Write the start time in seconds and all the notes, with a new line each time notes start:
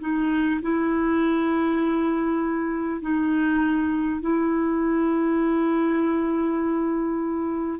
0.00 D#4
0.62 E4
3.02 D#4
4.21 E4